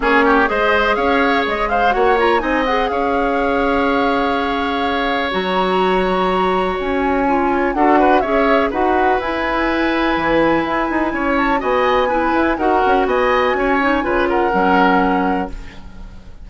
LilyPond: <<
  \new Staff \with { instrumentName = "flute" } { \time 4/4 \tempo 4 = 124 cis''4 dis''4 f''4 dis''8 f''8 | fis''8 ais''8 gis''8 fis''8 f''2~ | f''2. ais''4~ | ais''2 gis''2 |
fis''4 e''4 fis''4 gis''4~ | gis''2.~ gis''8 a''8 | gis''2 fis''4 gis''4~ | gis''4. fis''2~ fis''8 | }
  \new Staff \with { instrumentName = "oboe" } { \time 4/4 gis'8 g'8 c''4 cis''4. c''8 | cis''4 dis''4 cis''2~ | cis''1~ | cis''1 |
a'8 b'8 cis''4 b'2~ | b'2. cis''4 | dis''4 b'4 ais'4 dis''4 | cis''4 b'8 ais'2~ ais'8 | }
  \new Staff \with { instrumentName = "clarinet" } { \time 4/4 cis'4 gis'2. | fis'8 f'8 dis'8 gis'2~ gis'8~ | gis'2. fis'4~ | fis'2. f'4 |
fis'4 gis'4 fis'4 e'4~ | e'1 | fis'4 e'4 fis'2~ | fis'8 dis'8 f'4 cis'2 | }
  \new Staff \with { instrumentName = "bassoon" } { \time 4/4 ais4 gis4 cis'4 gis4 | ais4 c'4 cis'2~ | cis'2. fis4~ | fis2 cis'2 |
d'4 cis'4 dis'4 e'4~ | e'4 e4 e'8 dis'8 cis'4 | b4. e'8 dis'8 cis'8 b4 | cis'4 cis4 fis2 | }
>>